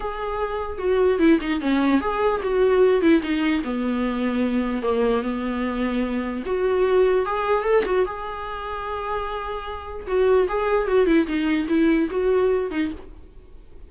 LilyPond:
\new Staff \with { instrumentName = "viola" } { \time 4/4 \tempo 4 = 149 gis'2 fis'4 e'8 dis'8 | cis'4 gis'4 fis'4. e'8 | dis'4 b2. | ais4 b2. |
fis'2 gis'4 a'8 fis'8 | gis'1~ | gis'4 fis'4 gis'4 fis'8 e'8 | dis'4 e'4 fis'4. dis'8 | }